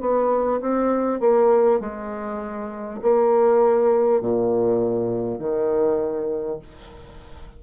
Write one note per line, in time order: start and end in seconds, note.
0.00 0.60 B3
0.60 1.20 C4
1.20 1.80 A#3
1.80 3.00 G#3
3.02 4.20 A#3
4.20 5.38 A#2
5.38 6.58 D#3